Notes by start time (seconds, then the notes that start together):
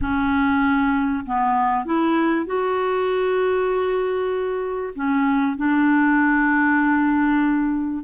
0.01 C#4
1.26 B3
1.85 E4
2.46 F#4
4.95 C#4
5.57 D4